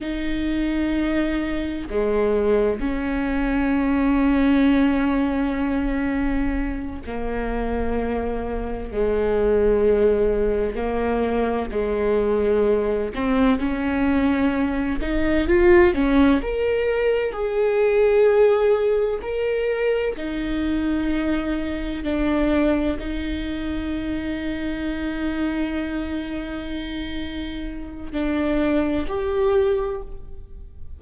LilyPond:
\new Staff \with { instrumentName = "viola" } { \time 4/4 \tempo 4 = 64 dis'2 gis4 cis'4~ | cis'2.~ cis'8 ais8~ | ais4. gis2 ais8~ | ais8 gis4. c'8 cis'4. |
dis'8 f'8 cis'8 ais'4 gis'4.~ | gis'8 ais'4 dis'2 d'8~ | d'8 dis'2.~ dis'8~ | dis'2 d'4 g'4 | }